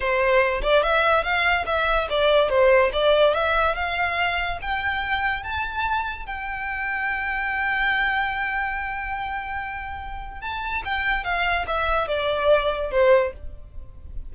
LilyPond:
\new Staff \with { instrumentName = "violin" } { \time 4/4 \tempo 4 = 144 c''4. d''8 e''4 f''4 | e''4 d''4 c''4 d''4 | e''4 f''2 g''4~ | g''4 a''2 g''4~ |
g''1~ | g''1~ | g''4 a''4 g''4 f''4 | e''4 d''2 c''4 | }